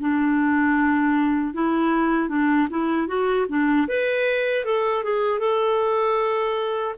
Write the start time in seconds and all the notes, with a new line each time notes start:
0.00 D4
1.54 E4
2.29 D4
2.70 E4
3.08 F#4
3.49 D4
3.88 B4
4.65 A4
5.04 G#4
5.39 A4